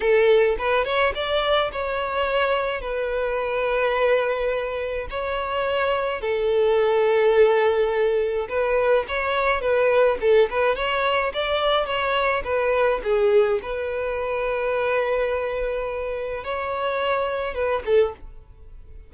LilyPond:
\new Staff \with { instrumentName = "violin" } { \time 4/4 \tempo 4 = 106 a'4 b'8 cis''8 d''4 cis''4~ | cis''4 b'2.~ | b'4 cis''2 a'4~ | a'2. b'4 |
cis''4 b'4 a'8 b'8 cis''4 | d''4 cis''4 b'4 gis'4 | b'1~ | b'4 cis''2 b'8 a'8 | }